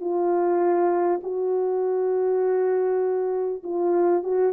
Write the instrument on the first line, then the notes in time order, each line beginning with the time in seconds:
horn
0.00 F4
1.23 F#4
3.63 F4
4.23 F#4